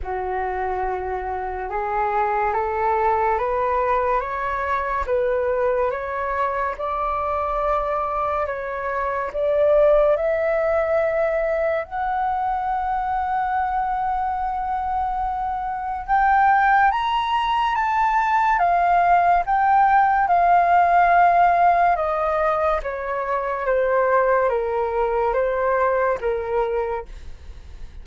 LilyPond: \new Staff \with { instrumentName = "flute" } { \time 4/4 \tempo 4 = 71 fis'2 gis'4 a'4 | b'4 cis''4 b'4 cis''4 | d''2 cis''4 d''4 | e''2 fis''2~ |
fis''2. g''4 | ais''4 a''4 f''4 g''4 | f''2 dis''4 cis''4 | c''4 ais'4 c''4 ais'4 | }